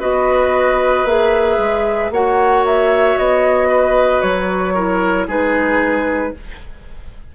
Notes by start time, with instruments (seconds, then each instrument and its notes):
0.00 bassoon B3, clarinet F#4, oboe B4, flute D#5
1.05 bassoon A#3, clarinet G#4, flute E5
1.58 bassoon G#3
2.10 bassoon A#3, clarinet F#4, oboe C#5, flute F#5
2.66 flute E5
3.18 bassoon B3, flute D#5
3.68 oboe B4
4.22 bassoon F#3, flute C#5
4.74 clarinet E4, oboe A#4
5.28 bassoon G#3, clarinet D#4, oboe G#4, flute B4